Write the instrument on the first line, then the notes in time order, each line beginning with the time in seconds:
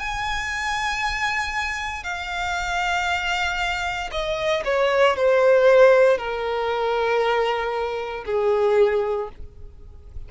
violin
0.00 G#5
2.04 F5
4.11 D#5
4.65 C#5
5.17 C5
6.18 A#4
8.26 G#4